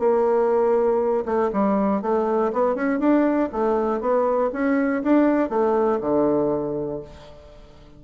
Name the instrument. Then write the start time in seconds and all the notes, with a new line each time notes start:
bassoon
0.00 A#3
1.26 A3
1.53 G3
2.02 A3
2.53 B3
2.75 C#4
3.00 D4
3.52 A3
4.01 B3
4.53 C#4
5.03 D4
5.50 A3
6.01 D3